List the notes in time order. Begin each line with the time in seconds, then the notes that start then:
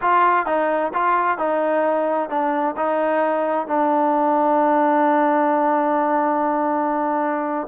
0.01 F4
0.46 D#4
0.93 F4
1.38 D#4
2.29 D4
2.76 D#4
3.67 D4